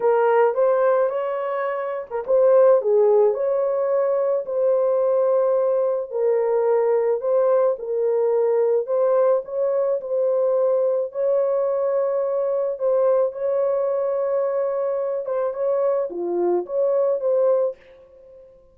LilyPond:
\new Staff \with { instrumentName = "horn" } { \time 4/4 \tempo 4 = 108 ais'4 c''4 cis''4.~ cis''16 ais'16 | c''4 gis'4 cis''2 | c''2. ais'4~ | ais'4 c''4 ais'2 |
c''4 cis''4 c''2 | cis''2. c''4 | cis''2.~ cis''8 c''8 | cis''4 f'4 cis''4 c''4 | }